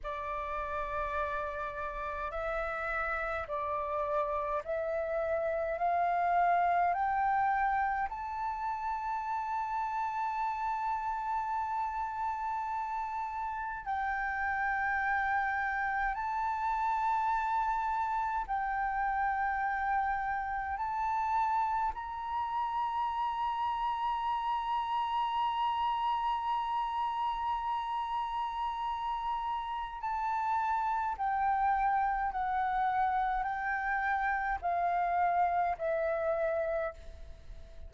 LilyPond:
\new Staff \with { instrumentName = "flute" } { \time 4/4 \tempo 4 = 52 d''2 e''4 d''4 | e''4 f''4 g''4 a''4~ | a''1 | g''2 a''2 |
g''2 a''4 ais''4~ | ais''1~ | ais''2 a''4 g''4 | fis''4 g''4 f''4 e''4 | }